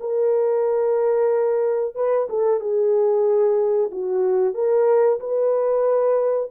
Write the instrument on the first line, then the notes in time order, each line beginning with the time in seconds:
horn
0.00 A#4
1.95 B4
2.29 A4
2.60 G#4
3.91 F#4
4.54 A#4
5.20 B4